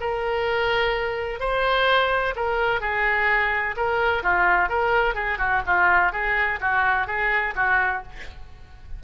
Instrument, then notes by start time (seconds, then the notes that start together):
oboe
0.00 A#4
1.40 C5
2.36 A#4
2.80 G#4
3.76 A#4
4.23 F4
4.69 A#4
5.15 G#4
5.38 F#4
5.66 F4
6.12 G#4
6.60 F#4
7.07 G#4
7.55 F#4